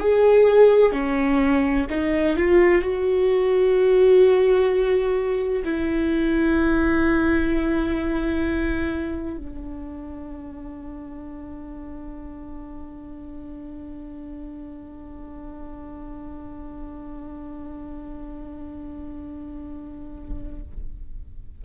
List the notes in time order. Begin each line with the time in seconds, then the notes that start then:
0.00 G#4
0.92 C#4
1.90 D#4
2.37 F4
2.82 F#4
5.65 E4
9.37 D4